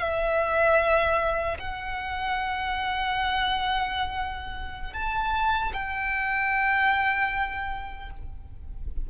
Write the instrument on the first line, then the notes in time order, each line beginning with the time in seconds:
violin
0.00 E5
1.59 F#5
4.94 A5
5.74 G5